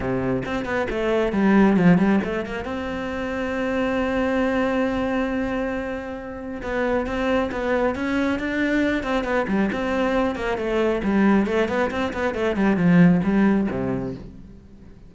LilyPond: \new Staff \with { instrumentName = "cello" } { \time 4/4 \tempo 4 = 136 c4 c'8 b8 a4 g4 | f8 g8 a8 ais8 c'2~ | c'1~ | c'2. b4 |
c'4 b4 cis'4 d'4~ | d'8 c'8 b8 g8 c'4. ais8 | a4 g4 a8 b8 c'8 b8 | a8 g8 f4 g4 c4 | }